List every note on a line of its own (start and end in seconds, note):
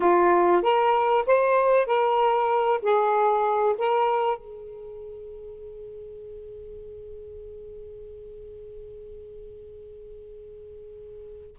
0.00 0.62 F4
0.62 1.24 A#4
1.26 1.86 C5
1.86 2.80 A#4
2.82 3.75 G#4
3.78 4.38 A#4
4.38 11.56 G#4